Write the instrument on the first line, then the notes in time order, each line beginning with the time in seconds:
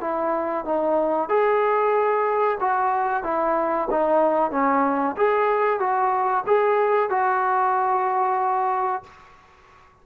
trombone
0.00 E4
0.65 D#4
1.29 G#4
2.60 F#4
3.23 E4
3.90 D#4
4.51 C#4
5.16 G#4
5.79 F#4
6.46 G#4
7.10 F#4